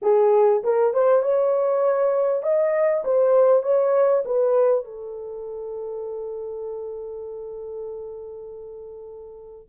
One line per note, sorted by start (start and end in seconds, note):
0.02 0.62 G#4
0.63 0.93 A#4
0.93 1.22 C5
1.22 2.42 C#5
2.42 3.03 D#5
3.04 3.63 C5
3.63 4.23 C#5
4.25 4.84 B4
4.84 9.69 A4